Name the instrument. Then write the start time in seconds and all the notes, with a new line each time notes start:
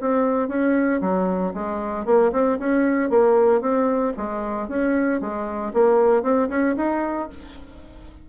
bassoon
0.00 C4
0.48 C#4
1.01 F#3
1.53 G#3
2.05 A#3
2.32 C4
2.59 C#4
3.09 A#3
3.60 C4
4.17 G#3
4.68 C#4
5.20 G#3
5.73 A#3
6.22 C4
6.49 C#4
6.76 D#4